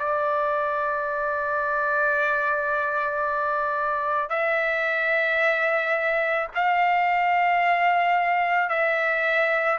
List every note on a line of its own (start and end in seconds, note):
0.00 4.30 D5
4.30 6.48 E5
6.55 8.70 F5
8.70 9.79 E5